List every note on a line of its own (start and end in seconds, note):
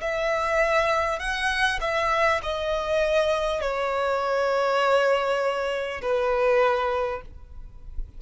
0.00 1.19 E5
1.19 1.79 F#5
1.81 2.41 E5
2.42 3.61 D#5
3.61 6.01 C#5
6.01 7.21 B4